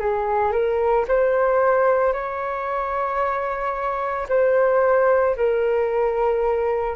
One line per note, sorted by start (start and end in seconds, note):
0.00 0.52 G#4
0.52 1.06 A#4
1.08 2.13 C5
2.13 4.28 C#5
4.29 5.36 C5
5.36 6.96 A#4